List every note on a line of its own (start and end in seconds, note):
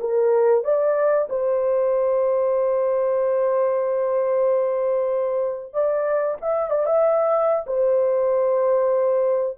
0.00 0.64 A#4
0.64 1.28 D5
1.29 5.73 C5
5.73 6.37 D5
6.41 6.70 E5
6.70 6.85 D5
6.85 7.65 E5
7.66 9.57 C5